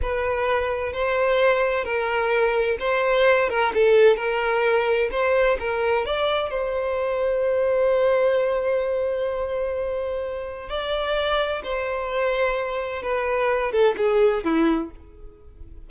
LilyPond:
\new Staff \with { instrumentName = "violin" } { \time 4/4 \tempo 4 = 129 b'2 c''2 | ais'2 c''4. ais'8 | a'4 ais'2 c''4 | ais'4 d''4 c''2~ |
c''1~ | c''2. d''4~ | d''4 c''2. | b'4. a'8 gis'4 e'4 | }